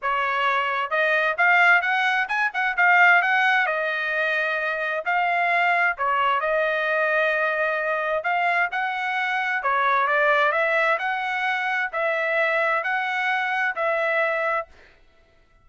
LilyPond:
\new Staff \with { instrumentName = "trumpet" } { \time 4/4 \tempo 4 = 131 cis''2 dis''4 f''4 | fis''4 gis''8 fis''8 f''4 fis''4 | dis''2. f''4~ | f''4 cis''4 dis''2~ |
dis''2 f''4 fis''4~ | fis''4 cis''4 d''4 e''4 | fis''2 e''2 | fis''2 e''2 | }